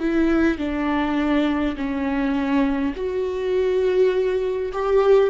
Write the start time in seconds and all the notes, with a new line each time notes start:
0.00 E4
0.58 D4
1.77 C#4
2.96 F#4
4.73 G4